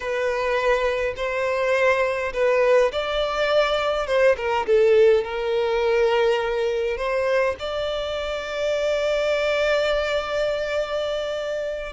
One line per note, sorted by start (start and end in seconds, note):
0.00 1.14 B4
1.16 2.32 C5
2.33 2.91 B4
2.92 4.06 D5
4.06 4.35 C5
4.36 4.65 A#4
4.66 5.23 A4
5.23 6.97 A#4
6.97 7.55 C5
7.59 11.92 D5